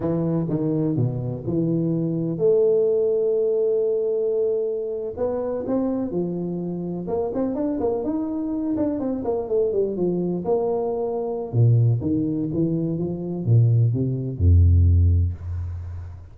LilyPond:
\new Staff \with { instrumentName = "tuba" } { \time 4/4 \tempo 4 = 125 e4 dis4 b,4 e4~ | e4 a2.~ | a2~ a8. b4 c'16~ | c'8. f2 ais8 c'8 d'16~ |
d'16 ais8 dis'4. d'8 c'8 ais8 a16~ | a16 g8 f4 ais2~ ais16 | ais,4 dis4 e4 f4 | ais,4 c4 f,2 | }